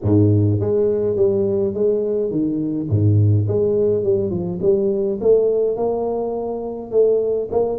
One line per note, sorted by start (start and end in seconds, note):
0.02 0.60 G#2
0.60 1.16 G#3
1.16 1.73 G3
1.73 2.31 G#3
2.31 2.88 D#3
2.89 3.47 G#2
3.47 4.03 G#3
4.03 4.30 G3
4.30 4.59 F3
4.62 5.19 G3
5.21 5.76 A3
5.76 6.91 A#3
6.91 7.48 A3
7.51 7.78 A#3